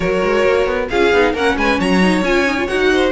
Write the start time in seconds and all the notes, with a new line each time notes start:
0.00 F#3 F#4 A#4 C#5
0.23 G#3
0.45 A#3
0.66 B3
0.89 C#4 F4 G#4 F5
1.12 B3 D#4
1.33 A#3 C#4 A#4 F#5
1.56 G#3 B4 G#5
1.79 F#3 C#5 A#5
2.01 D#4
2.22 C#4 F4 G#5
2.46 D#4
2.58 F4
2.67 D#4 F#4 F#5
2.92 C5